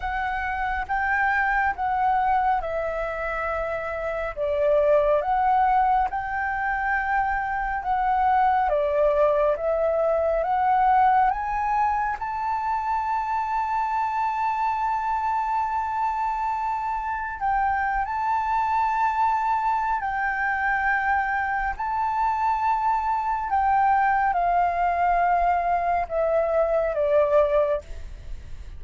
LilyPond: \new Staff \with { instrumentName = "flute" } { \time 4/4 \tempo 4 = 69 fis''4 g''4 fis''4 e''4~ | e''4 d''4 fis''4 g''4~ | g''4 fis''4 d''4 e''4 | fis''4 gis''4 a''2~ |
a''1 | g''8. a''2~ a''16 g''4~ | g''4 a''2 g''4 | f''2 e''4 d''4 | }